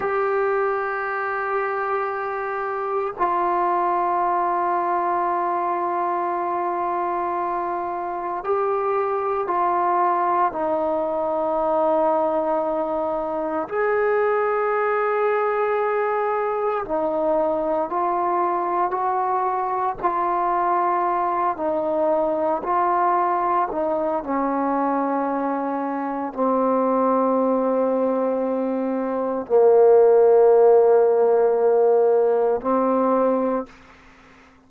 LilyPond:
\new Staff \with { instrumentName = "trombone" } { \time 4/4 \tempo 4 = 57 g'2. f'4~ | f'1 | g'4 f'4 dis'2~ | dis'4 gis'2. |
dis'4 f'4 fis'4 f'4~ | f'8 dis'4 f'4 dis'8 cis'4~ | cis'4 c'2. | ais2. c'4 | }